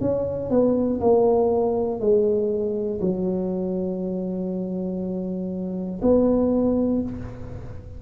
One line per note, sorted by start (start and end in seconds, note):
0.00 0.50 C#4
0.50 1.00 B3
1.00 2.00 A#3
2.00 3.00 G#3
3.00 6.00 F#3
6.02 7.02 B3